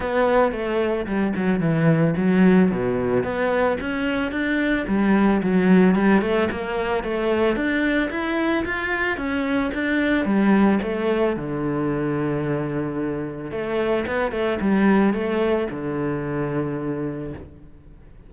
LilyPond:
\new Staff \with { instrumentName = "cello" } { \time 4/4 \tempo 4 = 111 b4 a4 g8 fis8 e4 | fis4 b,4 b4 cis'4 | d'4 g4 fis4 g8 a8 | ais4 a4 d'4 e'4 |
f'4 cis'4 d'4 g4 | a4 d2.~ | d4 a4 b8 a8 g4 | a4 d2. | }